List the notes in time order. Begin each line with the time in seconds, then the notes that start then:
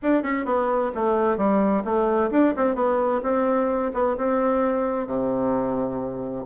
0.02 D4
0.22 C#4
0.45 B3
0.95 A3
1.37 G3
1.84 A3
2.30 D4
2.56 C4
2.75 B3
3.22 C4
3.93 B3
4.17 C4
5.06 C3